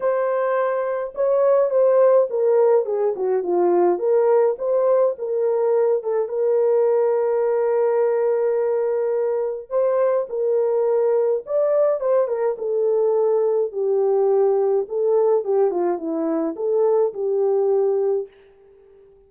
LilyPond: \new Staff \with { instrumentName = "horn" } { \time 4/4 \tempo 4 = 105 c''2 cis''4 c''4 | ais'4 gis'8 fis'8 f'4 ais'4 | c''4 ais'4. a'8 ais'4~ | ais'1~ |
ais'4 c''4 ais'2 | d''4 c''8 ais'8 a'2 | g'2 a'4 g'8 f'8 | e'4 a'4 g'2 | }